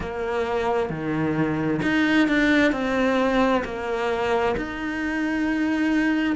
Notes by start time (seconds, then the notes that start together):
0.00 A#3
0.89 D#3
1.82 D#4
2.28 D4
2.72 C4
3.64 A#3
4.56 D#4